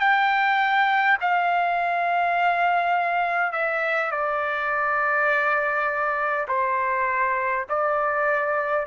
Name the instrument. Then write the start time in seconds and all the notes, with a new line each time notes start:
trumpet
0.00 G5
1.21 F5
3.52 E5
4.11 D5
6.48 C5
7.70 D5